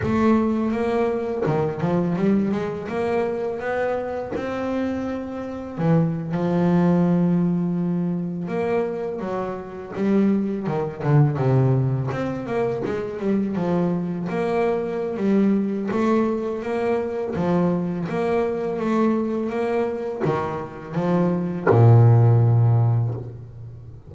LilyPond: \new Staff \with { instrumentName = "double bass" } { \time 4/4 \tempo 4 = 83 a4 ais4 dis8 f8 g8 gis8 | ais4 b4 c'2 | e8. f2. ais16~ | ais8. fis4 g4 dis8 d8 c16~ |
c8. c'8 ais8 gis8 g8 f4 ais16~ | ais4 g4 a4 ais4 | f4 ais4 a4 ais4 | dis4 f4 ais,2 | }